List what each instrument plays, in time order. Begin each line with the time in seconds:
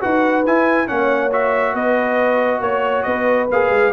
0.00 tuba D#4, trombone F#4, horn B4, trumpet F#5
0.46 tuba E4, trombone E4, trumpet G#5
0.87 tuba A#3, trombone C#4, horn C#5, trumpet F#5
1.31 trombone F#4, trumpet E5
1.73 tuba B3, horn B4, trumpet D#5
2.60 tuba A#3, trumpet C#5, horn C#5
3.03 tuba B3, horn B4, trumpet D#5
3.51 tuba A#3, trombone G#4, trumpet F5
3.70 tuba G#3